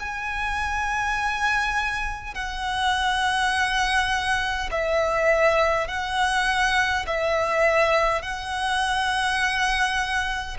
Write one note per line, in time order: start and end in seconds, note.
0.00 2.35 G#5
2.35 4.70 F#5
4.72 5.88 E5
5.88 7.06 F#5
7.07 8.22 E5
8.22 10.58 F#5